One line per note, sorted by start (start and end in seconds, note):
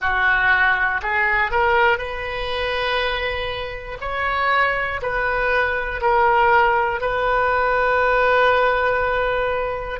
0.00 1.00 F#4
1.02 1.51 G#4
1.51 1.97 A#4
1.97 3.98 B4
4.00 5.00 C#5
5.01 6.01 B4
6.01 7.00 A#4
7.00 10.00 B4